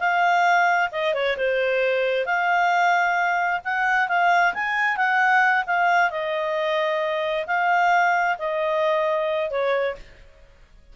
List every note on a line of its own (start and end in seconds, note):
0.00 0.90 F5
0.92 1.15 D#5
1.15 1.37 C#5
1.38 2.26 C5
2.26 3.62 F5
3.65 4.09 F#5
4.09 4.54 F5
4.55 4.97 G#5
4.97 5.65 F#5
5.67 6.11 F5
6.11 7.46 D#5
7.47 8.38 F5
8.39 9.51 D#5
9.51 9.96 C#5